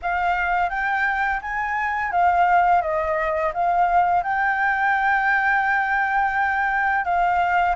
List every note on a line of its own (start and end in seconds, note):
0.02 0.69 F5
0.69 1.40 G5
1.41 2.11 G#5
2.11 2.81 F5
2.81 3.52 D#5
3.53 4.23 F5
4.23 7.05 G5
7.05 7.75 F5